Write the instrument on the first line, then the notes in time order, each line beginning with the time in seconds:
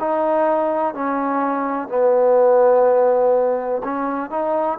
trombone
0.00 D#4
0.95 C#4
1.89 B3
3.84 C#4
4.30 D#4